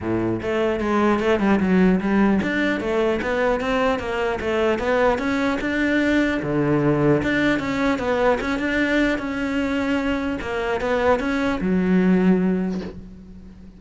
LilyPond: \new Staff \with { instrumentName = "cello" } { \time 4/4 \tempo 4 = 150 a,4 a4 gis4 a8 g8 | fis4 g4 d'4 a4 | b4 c'4 ais4 a4 | b4 cis'4 d'2 |
d2 d'4 cis'4 | b4 cis'8 d'4. cis'4~ | cis'2 ais4 b4 | cis'4 fis2. | }